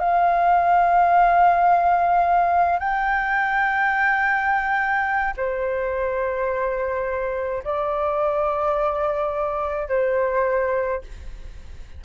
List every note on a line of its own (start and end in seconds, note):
0.00 2.79 F5
2.79 5.34 G5
5.37 7.64 C5
7.64 9.89 D5
9.89 11.02 C5